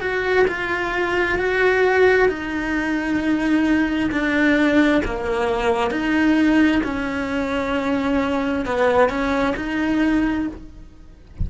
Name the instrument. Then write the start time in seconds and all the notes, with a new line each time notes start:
cello
0.00 F#4
0.47 F4
1.38 F#4
2.28 D#4
4.11 D4
5.04 A#3
5.90 D#4
6.83 C#4
8.65 B3
9.09 C#4
9.56 D#4